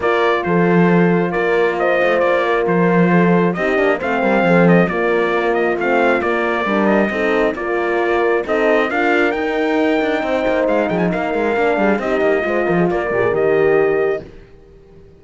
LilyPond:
<<
  \new Staff \with { instrumentName = "trumpet" } { \time 4/4 \tempo 4 = 135 d''4 c''2 d''4 | dis''4 d''4 c''2 | dis''4 f''4. dis''8 d''4~ | d''8 dis''8 f''4 d''4. dis''8~ |
dis''4 d''2 dis''4 | f''4 g''2. | f''8 g''16 gis''16 f''2 dis''4~ | dis''4 d''4 dis''2 | }
  \new Staff \with { instrumentName = "horn" } { \time 4/4 ais'4 a'2 ais'4 | c''4. ais'4. a'4 | g'4 c''8 ais'8 a'4 f'4~ | f'2. ais'4 |
a'4 ais'2 a'4 | ais'2. c''4~ | c''8 gis'8 ais'4. gis'8 g'4 | c''8 ais'16 gis'16 ais'2. | }
  \new Staff \with { instrumentName = "horn" } { \time 4/4 f'1~ | f'1 | dis'8 d'8 c'2 ais4~ | ais4 c'4 ais4 d'4 |
dis'4 f'2 dis'4 | f'4 dis'2.~ | dis'2 d'4 dis'4 | f'4. g'16 gis'16 g'2 | }
  \new Staff \with { instrumentName = "cello" } { \time 4/4 ais4 f2 ais4~ | ais8 a8 ais4 f2 | c'8 ais8 a8 g8 f4 ais4~ | ais4 a4 ais4 g4 |
c'4 ais2 c'4 | d'4 dis'4. d'8 c'8 ais8 | gis8 f8 ais8 gis8 ais8 g8 c'8 ais8 | gis8 f8 ais8 ais,8 dis2 | }
>>